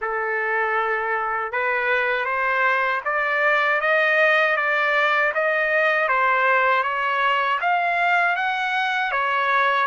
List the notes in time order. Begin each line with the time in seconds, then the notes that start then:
0.01 A4
1.52 B4
2.25 C5
3.04 D5
3.80 D#5
4.56 D5
5.34 D#5
6.08 C5
6.83 C#5
7.60 F5
8.35 F#5
9.11 C#5